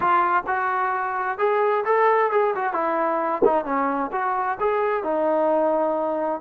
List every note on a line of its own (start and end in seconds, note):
0.00 0.43 F4
0.47 1.38 F#4
1.38 1.84 G#4
1.85 2.31 A4
2.31 2.54 G#4
2.55 2.73 F#4
2.73 3.42 E4
3.44 3.65 D#4
3.65 4.10 C#4
4.12 4.57 F#4
4.60 5.03 G#4
5.03 6.40 D#4